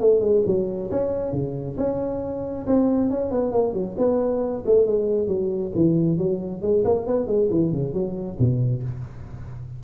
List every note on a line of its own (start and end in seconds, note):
0.00 0.20 A3
0.20 0.42 G#3
0.46 0.90 F#3
0.90 1.32 C#4
1.32 1.76 C#3
1.77 2.65 C#4
2.66 3.10 C4
3.10 3.31 C#4
3.31 3.52 B3
3.52 3.73 A#3
3.73 3.95 F#3
3.97 4.64 B3
4.66 4.86 A3
4.86 5.27 G#3
5.27 5.72 F#3
5.75 6.18 E3
6.18 6.62 F#3
6.62 6.84 G#3
6.84 7.06 A#3
7.06 7.27 B3
7.27 7.49 G#3
7.50 7.72 E3
7.72 7.93 C#3
7.93 8.37 F#3
8.39 8.83 B2